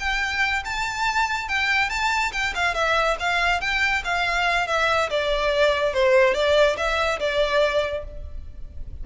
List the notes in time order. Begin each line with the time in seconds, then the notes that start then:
0.00 G5
0.65 A5
1.49 G5
1.90 A5
2.33 G5
2.55 F5
2.75 E5
3.20 F5
3.61 G5
4.04 F5
4.67 E5
5.10 D5
5.94 C5
6.34 D5
6.77 E5
7.20 D5